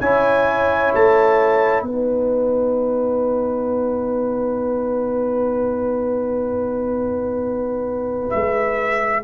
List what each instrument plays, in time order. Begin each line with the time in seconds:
0.00 tuba C#4, trombone E4, horn C#5, trumpet G#5
0.95 tuba A3, trumpet A5
1.83 tuba B3, trombone D#4, horn B4, trumpet F#5
8.31 tuba G#3, trumpet E5